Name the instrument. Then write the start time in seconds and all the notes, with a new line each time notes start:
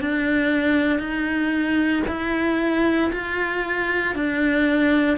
cello
0.00 D4
0.99 D#4
2.07 E4
3.12 F4
4.15 D4